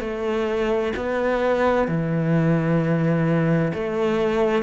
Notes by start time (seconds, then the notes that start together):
0.00 A3
0.96 B3
1.88 E3
3.73 A3